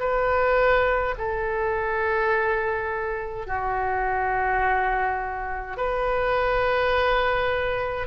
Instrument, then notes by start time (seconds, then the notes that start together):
oboe
0.00 B4
1.18 A4
3.47 F#4
5.77 B4